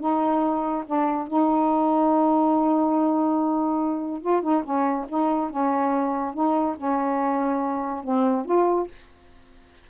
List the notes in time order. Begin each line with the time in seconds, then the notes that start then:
0.00 D#4
0.87 D4
1.28 D#4
4.22 F4
4.43 D#4
4.64 C#4
5.09 D#4
5.51 C#4
6.34 D#4
6.78 C#4
8.04 C4
8.46 F4